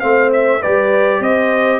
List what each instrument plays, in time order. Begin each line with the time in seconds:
0.00 tuba A3, trombone C4, horn C5, trumpet F5
0.33 trumpet E5
0.60 tuba G3, trombone G4, horn B4, trumpet D5
1.20 tuba C4, horn C5, trumpet D#5